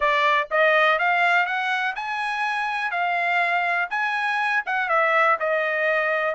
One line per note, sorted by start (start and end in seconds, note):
0.00 0.48 D5
0.51 0.98 D#5
0.98 1.45 F5
1.45 1.94 F#5
1.95 2.91 G#5
2.91 3.88 F5
3.90 4.63 G#5
4.66 4.88 F#5
4.88 5.37 E5
5.39 6.35 D#5